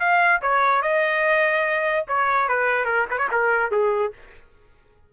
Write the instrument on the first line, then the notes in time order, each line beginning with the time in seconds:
trumpet
0.00 F5
0.42 C#5
0.82 D#5
2.08 C#5
2.48 B4
2.86 A#4
3.11 B4
3.18 C#5
3.32 A#4
3.71 G#4